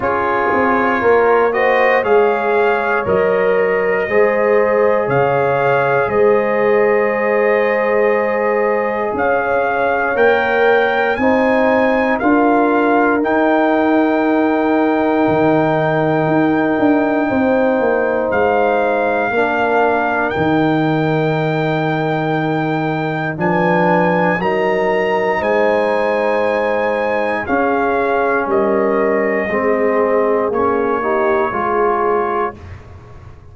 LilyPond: <<
  \new Staff \with { instrumentName = "trumpet" } { \time 4/4 \tempo 4 = 59 cis''4. dis''8 f''4 dis''4~ | dis''4 f''4 dis''2~ | dis''4 f''4 g''4 gis''4 | f''4 g''2.~ |
g''2 f''2 | g''2. gis''4 | ais''4 gis''2 f''4 | dis''2 cis''2 | }
  \new Staff \with { instrumentName = "horn" } { \time 4/4 gis'4 ais'8 c''8 cis''2 | c''4 cis''4 c''2~ | c''4 cis''2 c''4 | ais'1~ |
ais'4 c''2 ais'4~ | ais'2. b'4 | ais'4 c''2 gis'4 | ais'4 gis'4. g'8 gis'4 | }
  \new Staff \with { instrumentName = "trombone" } { \time 4/4 f'4. fis'8 gis'4 ais'4 | gis'1~ | gis'2 ais'4 dis'4 | f'4 dis'2.~ |
dis'2. d'4 | dis'2. d'4 | dis'2. cis'4~ | cis'4 c'4 cis'8 dis'8 f'4 | }
  \new Staff \with { instrumentName = "tuba" } { \time 4/4 cis'8 c'8 ais4 gis4 fis4 | gis4 cis4 gis2~ | gis4 cis'4 ais4 c'4 | d'4 dis'2 dis4 |
dis'8 d'8 c'8 ais8 gis4 ais4 | dis2. f4 | fis4 gis2 cis'4 | g4 gis4 ais4 gis4 | }
>>